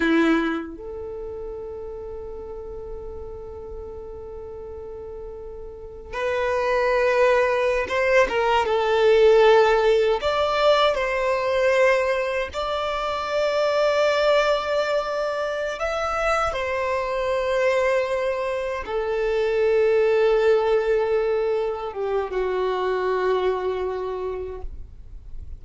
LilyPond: \new Staff \with { instrumentName = "violin" } { \time 4/4 \tempo 4 = 78 e'4 a'2.~ | a'1 | b'2~ b'16 c''8 ais'8 a'8.~ | a'4~ a'16 d''4 c''4.~ c''16~ |
c''16 d''2.~ d''8.~ | d''8 e''4 c''2~ c''8~ | c''8 a'2.~ a'8~ | a'8 g'8 fis'2. | }